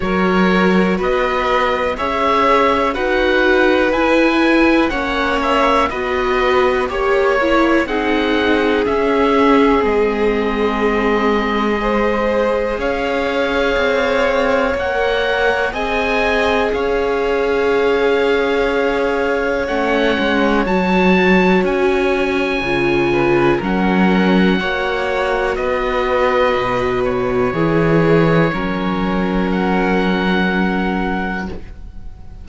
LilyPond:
<<
  \new Staff \with { instrumentName = "oboe" } { \time 4/4 \tempo 4 = 61 cis''4 dis''4 e''4 fis''4 | gis''4 fis''8 e''8 dis''4 cis''4 | fis''4 e''4 dis''2~ | dis''4 f''2 fis''4 |
gis''4 f''2. | fis''4 a''4 gis''2 | fis''2 dis''4. cis''8~ | cis''2 fis''2 | }
  \new Staff \with { instrumentName = "violin" } { \time 4/4 ais'4 b'4 cis''4 b'4~ | b'4 cis''4 b'4 cis''4 | gis'1 | c''4 cis''2. |
dis''4 cis''2.~ | cis''2.~ cis''8 b'8 | ais'4 cis''4 b'2 | gis'4 ais'2. | }
  \new Staff \with { instrumentName = "viola" } { \time 4/4 fis'2 gis'4 fis'4 | e'4 cis'4 fis'4 g'8 e'8 | dis'4 cis'4 c'2 | gis'2. ais'4 |
gis'1 | cis'4 fis'2 f'4 | cis'4 fis'2. | e'4 cis'2. | }
  \new Staff \with { instrumentName = "cello" } { \time 4/4 fis4 b4 cis'4 dis'4 | e'4 ais4 b4 ais4 | c'4 cis'4 gis2~ | gis4 cis'4 c'4 ais4 |
c'4 cis'2. | a8 gis8 fis4 cis'4 cis4 | fis4 ais4 b4 b,4 | e4 fis2. | }
>>